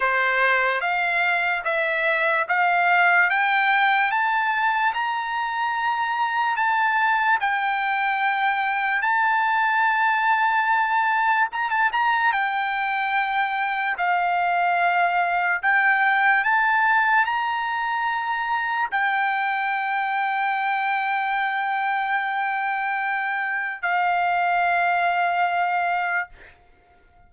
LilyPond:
\new Staff \with { instrumentName = "trumpet" } { \time 4/4 \tempo 4 = 73 c''4 f''4 e''4 f''4 | g''4 a''4 ais''2 | a''4 g''2 a''4~ | a''2 ais''16 a''16 ais''8 g''4~ |
g''4 f''2 g''4 | a''4 ais''2 g''4~ | g''1~ | g''4 f''2. | }